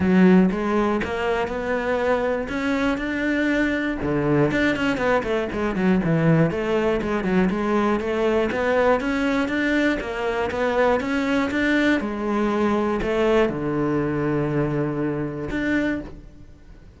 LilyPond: \new Staff \with { instrumentName = "cello" } { \time 4/4 \tempo 4 = 120 fis4 gis4 ais4 b4~ | b4 cis'4 d'2 | d4 d'8 cis'8 b8 a8 gis8 fis8 | e4 a4 gis8 fis8 gis4 |
a4 b4 cis'4 d'4 | ais4 b4 cis'4 d'4 | gis2 a4 d4~ | d2. d'4 | }